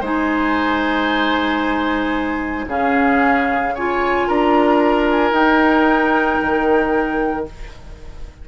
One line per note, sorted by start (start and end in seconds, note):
0.00 2.66 G#3
0.00 2.67 D#4
0.00 2.65 C5
0.00 2.69 G#5
2.67 4.26 C#3
2.67 3.74 C#4
2.67 3.75 G#4
2.67 3.75 F5
3.75 5.33 F4
3.75 4.27 C#5
3.75 4.28 G#5
4.27 5.31 D4
4.27 7.46 A#4
4.27 5.08 A#5
5.10 5.34 G#5
5.31 6.37 D#4
5.31 7.46 D#4
5.31 7.46 G5
6.42 7.48 D#3